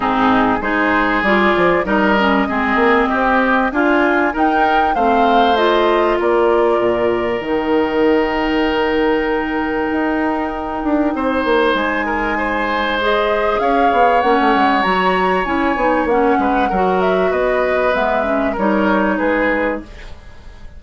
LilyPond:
<<
  \new Staff \with { instrumentName = "flute" } { \time 4/4 \tempo 4 = 97 gis'4 c''4 d''4 dis''4~ | dis''2 gis''4 g''4 | f''4 dis''4 d''2 | g''1~ |
g''2. gis''4~ | gis''4 dis''4 f''4 fis''4 | ais''4 gis''4 fis''4. e''8 | dis''4 e''4 cis''4 b'4 | }
  \new Staff \with { instrumentName = "oboe" } { \time 4/4 dis'4 gis'2 ais'4 | gis'4 g'4 f'4 ais'4 | c''2 ais'2~ | ais'1~ |
ais'2 c''4. ais'8 | c''2 cis''2~ | cis''2~ cis''8 b'8 ais'4 | b'2 ais'4 gis'4 | }
  \new Staff \with { instrumentName = "clarinet" } { \time 4/4 c'4 dis'4 f'4 dis'8 cis'8 | c'2 f'4 dis'4 | c'4 f'2. | dis'1~ |
dis'1~ | dis'4 gis'2 cis'4 | fis'4 e'8 dis'8 cis'4 fis'4~ | fis'4 b8 cis'8 dis'2 | }
  \new Staff \with { instrumentName = "bassoon" } { \time 4/4 gis,4 gis4 g8 f8 g4 | gis8 ais8 c'4 d'4 dis'4 | a2 ais4 ais,4 | dis1 |
dis'4. d'8 c'8 ais8 gis4~ | gis2 cis'8 b8 ais16 a16 gis8 | fis4 cis'8 b8 ais8 gis8 fis4 | b4 gis4 g4 gis4 | }
>>